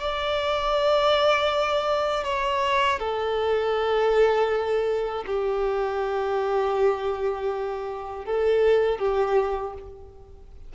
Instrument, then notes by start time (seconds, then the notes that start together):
violin
0.00 D5
2.24 C#5
2.99 A4
5.26 G4
8.25 A4
8.99 G4